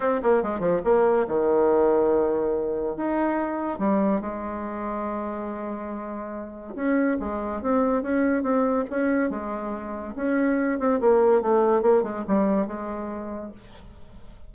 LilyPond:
\new Staff \with { instrumentName = "bassoon" } { \time 4/4 \tempo 4 = 142 c'8 ais8 gis8 f8 ais4 dis4~ | dis2. dis'4~ | dis'4 g4 gis2~ | gis1 |
cis'4 gis4 c'4 cis'4 | c'4 cis'4 gis2 | cis'4. c'8 ais4 a4 | ais8 gis8 g4 gis2 | }